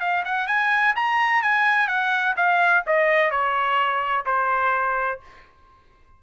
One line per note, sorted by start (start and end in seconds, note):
0.00 0.24 F5
0.25 0.47 F#5
0.47 0.95 G#5
0.96 1.42 A#5
1.42 1.88 G#5
1.88 2.35 F#5
2.36 2.84 F5
2.87 3.31 D#5
3.31 4.25 C#5
4.26 5.20 C5